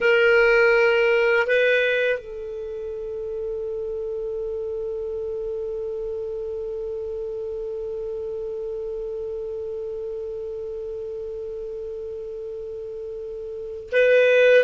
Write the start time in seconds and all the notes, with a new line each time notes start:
0.00 A#4
1.46 B4
2.19 A4
13.92 B4